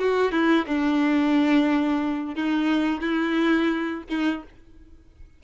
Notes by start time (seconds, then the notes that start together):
0.00 F#4
0.32 E4
0.67 D4
2.36 D#4
3.02 E4
4.10 D#4